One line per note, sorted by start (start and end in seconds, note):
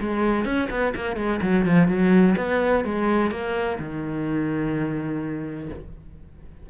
0.00 0.45 G#3
0.45 0.68 C#4
0.70 0.94 B3
0.95 1.16 A#3
1.16 1.40 G#3
1.42 1.65 F#3
1.65 1.87 F3
1.87 2.35 F#3
2.37 2.84 B3
2.84 3.31 G#3
3.31 3.79 A#3
3.79 5.70 D#3